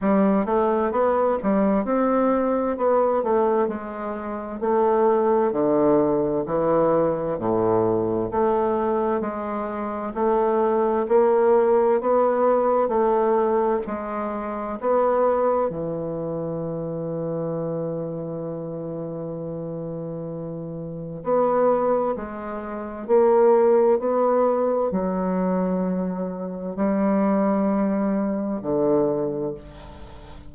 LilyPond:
\new Staff \with { instrumentName = "bassoon" } { \time 4/4 \tempo 4 = 65 g8 a8 b8 g8 c'4 b8 a8 | gis4 a4 d4 e4 | a,4 a4 gis4 a4 | ais4 b4 a4 gis4 |
b4 e2.~ | e2. b4 | gis4 ais4 b4 fis4~ | fis4 g2 d4 | }